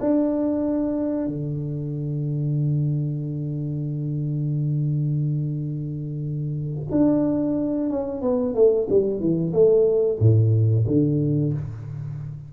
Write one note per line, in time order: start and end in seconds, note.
0.00 1.27 D4
1.27 6.87 D3
6.91 7.89 D4
7.89 8.21 C#4
8.21 8.54 B3
8.54 8.87 A3
8.89 9.19 G3
9.19 9.52 E3
9.53 10.19 A3
10.19 10.85 A2
10.87 11.53 D3